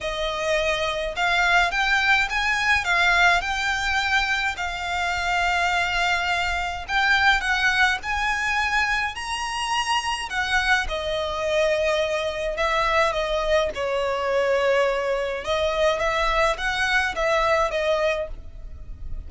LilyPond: \new Staff \with { instrumentName = "violin" } { \time 4/4 \tempo 4 = 105 dis''2 f''4 g''4 | gis''4 f''4 g''2 | f''1 | g''4 fis''4 gis''2 |
ais''2 fis''4 dis''4~ | dis''2 e''4 dis''4 | cis''2. dis''4 | e''4 fis''4 e''4 dis''4 | }